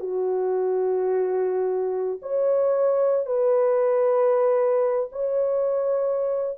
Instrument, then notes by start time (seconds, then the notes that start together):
horn
0.00 F#4
2.22 C#5
3.26 B4
5.12 C#5